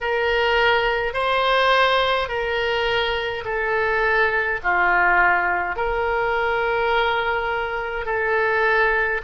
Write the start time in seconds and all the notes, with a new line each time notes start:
0.00 A#4
1.13 C5
2.28 A#4
3.44 A4
4.63 F4
5.76 A#4
8.05 A4